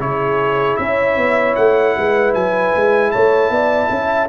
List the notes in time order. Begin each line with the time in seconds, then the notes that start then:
0.00 C#3 E4 G#4 C#5
0.77 C#4 C#5 E5
1.17 B3
1.56 A3 F#5
1.97 G#3 B4
2.35 F#3 G#5
2.76 G#3
3.11 A3 C#5 A5
3.50 B3 D5
3.90 C#4 E5